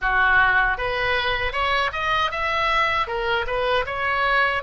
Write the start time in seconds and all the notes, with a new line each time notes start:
0.01 F#4
0.77 B4
1.52 C#5
1.92 D#5
2.31 E5
3.07 A#4
3.47 B4
3.86 C#5